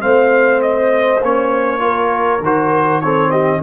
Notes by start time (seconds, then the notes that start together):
0.00 A3 C4 C5 F5
0.61 D#5
1.22 A#3 C#4 C#5
1.79 F4 A#4
2.40 D#3 F#4 C5
3.01 C4 A4 C#5
3.31 G4 D#5